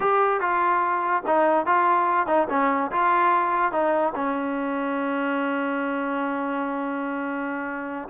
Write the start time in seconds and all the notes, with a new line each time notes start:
0.00 G4
0.40 F4
1.26 D#4
1.66 F4
2.27 D#4
2.49 C#4
2.91 F4
3.71 D#4
4.15 C#4